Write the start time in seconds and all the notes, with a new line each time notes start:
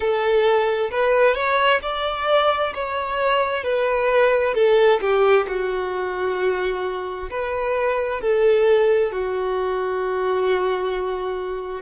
0.00 A4
0.90 B4
1.34 C#5
1.82 D5
2.74 C#5
3.63 B4
4.54 A4
5.00 G4
5.48 F#4
7.30 B4
8.21 A4
9.12 F#4